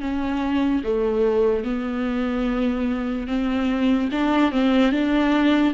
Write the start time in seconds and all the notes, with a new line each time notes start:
0.00 C#4
0.83 A3
1.64 B3
3.27 C4
4.11 D4
4.51 C4
4.91 D4